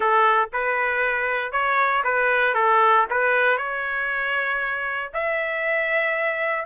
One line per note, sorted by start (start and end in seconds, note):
0.00 0.49 A4
0.52 1.52 B4
1.52 2.03 C#5
2.04 2.54 B4
2.54 3.05 A4
3.09 3.57 B4
3.57 5.11 C#5
5.13 6.65 E5